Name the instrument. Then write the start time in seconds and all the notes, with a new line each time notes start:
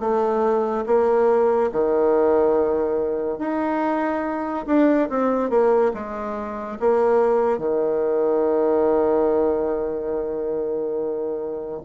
bassoon
0.00 A3
0.86 A#3
1.72 D#3
3.39 D#4
4.67 D4
5.09 C4
5.50 A#3
5.94 G#3
6.80 A#3
7.58 D#3